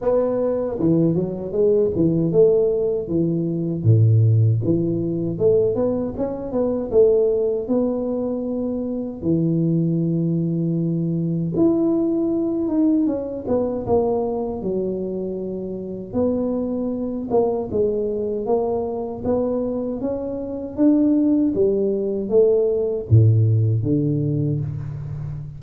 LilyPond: \new Staff \with { instrumentName = "tuba" } { \time 4/4 \tempo 4 = 78 b4 e8 fis8 gis8 e8 a4 | e4 a,4 e4 a8 b8 | cis'8 b8 a4 b2 | e2. e'4~ |
e'8 dis'8 cis'8 b8 ais4 fis4~ | fis4 b4. ais8 gis4 | ais4 b4 cis'4 d'4 | g4 a4 a,4 d4 | }